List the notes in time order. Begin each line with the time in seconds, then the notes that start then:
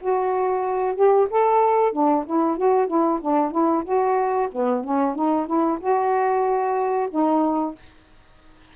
0.00 F#4
0.95 G4
1.30 A4
1.93 D4
2.26 E4
2.57 F#4
2.87 E4
3.21 D4
3.51 E4
3.84 F#4
4.52 B3
4.84 C#4
5.15 D#4
5.46 E4
5.80 F#4
7.11 D#4